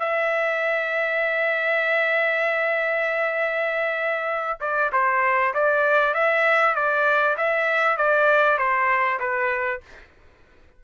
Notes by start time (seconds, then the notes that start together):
0.00 E5
4.61 D5
4.93 C5
5.55 D5
6.15 E5
6.76 D5
7.38 E5
7.98 D5
8.59 C5
9.20 B4